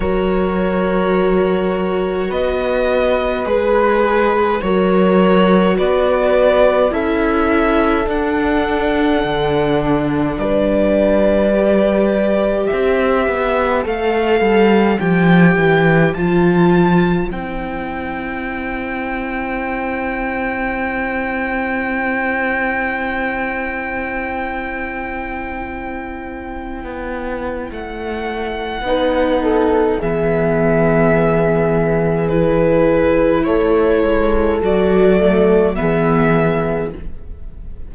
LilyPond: <<
  \new Staff \with { instrumentName = "violin" } { \time 4/4 \tempo 4 = 52 cis''2 dis''4 b'4 | cis''4 d''4 e''4 fis''4~ | fis''4 d''2 e''4 | f''4 g''4 a''4 g''4~ |
g''1~ | g''1 | fis''2 e''2 | b'4 cis''4 d''4 e''4 | }
  \new Staff \with { instrumentName = "horn" } { \time 4/4 ais'2 b'2 | ais'4 b'4 a'2~ | a'4 b'2 c''4~ | c''1~ |
c''1~ | c''1~ | c''4 b'8 a'8 gis'2~ | gis'4 a'2 gis'4 | }
  \new Staff \with { instrumentName = "viola" } { \time 4/4 fis'2. gis'4 | fis'2 e'4 d'4~ | d'2 g'2 | a'4 g'4 f'4 e'4~ |
e'1~ | e'1~ | e'4 dis'4 b2 | e'2 fis'8 a8 b4 | }
  \new Staff \with { instrumentName = "cello" } { \time 4/4 fis2 b4 gis4 | fis4 b4 cis'4 d'4 | d4 g2 c'8 b8 | a8 g8 f8 e8 f4 c'4~ |
c'1~ | c'2.~ c'16 b8. | a4 b4 e2~ | e4 a8 gis8 fis4 e4 | }
>>